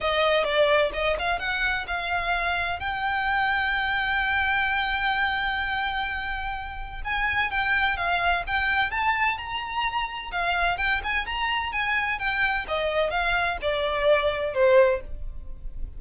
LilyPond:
\new Staff \with { instrumentName = "violin" } { \time 4/4 \tempo 4 = 128 dis''4 d''4 dis''8 f''8 fis''4 | f''2 g''2~ | g''1~ | g''2. gis''4 |
g''4 f''4 g''4 a''4 | ais''2 f''4 g''8 gis''8 | ais''4 gis''4 g''4 dis''4 | f''4 d''2 c''4 | }